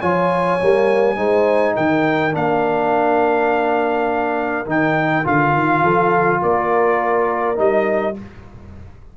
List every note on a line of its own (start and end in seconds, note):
0.00 0.61 F3
0.00 0.59 F4
0.00 1.17 C#5
0.00 1.76 G#5
0.61 1.18 G3
0.61 1.16 A#3
1.16 1.76 G#3
1.16 2.32 D#4
1.16 1.74 C5
1.74 2.35 D#3
1.74 5.82 A#4
1.74 2.34 G5
2.32 4.66 A#3
2.32 4.65 D4
2.32 4.68 F5
4.66 5.25 D#3
4.66 5.24 D#4
4.66 5.26 G5
5.24 5.54 D3
5.24 7.56 F4
5.24 6.42 F5
5.54 5.83 D#3
5.82 6.41 F3
5.82 6.40 A4
6.42 7.59 A#3
6.42 8.17 A#4
6.42 7.59 D5
7.56 8.17 G3
7.56 8.14 D#4
7.56 8.17 D#5